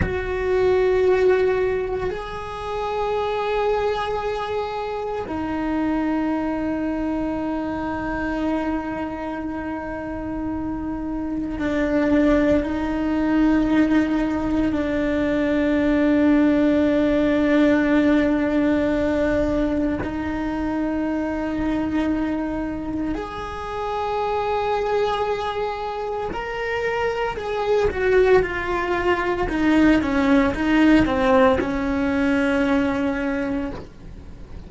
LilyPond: \new Staff \with { instrumentName = "cello" } { \time 4/4 \tempo 4 = 57 fis'2 gis'2~ | gis'4 dis'2.~ | dis'2. d'4 | dis'2 d'2~ |
d'2. dis'4~ | dis'2 gis'2~ | gis'4 ais'4 gis'8 fis'8 f'4 | dis'8 cis'8 dis'8 c'8 cis'2 | }